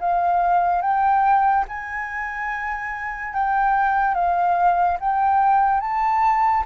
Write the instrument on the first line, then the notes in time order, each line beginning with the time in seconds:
flute
0.00 F5
0.81 G5
1.67 G#5
3.34 G5
4.14 F5
5.00 G5
5.80 A5